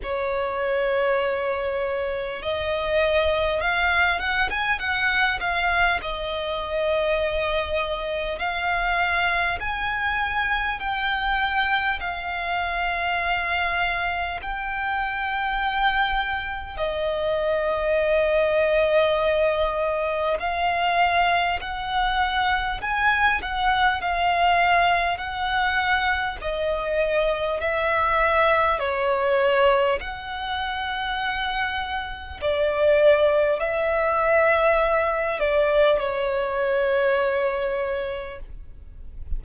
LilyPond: \new Staff \with { instrumentName = "violin" } { \time 4/4 \tempo 4 = 50 cis''2 dis''4 f''8 fis''16 gis''16 | fis''8 f''8 dis''2 f''4 | gis''4 g''4 f''2 | g''2 dis''2~ |
dis''4 f''4 fis''4 gis''8 fis''8 | f''4 fis''4 dis''4 e''4 | cis''4 fis''2 d''4 | e''4. d''8 cis''2 | }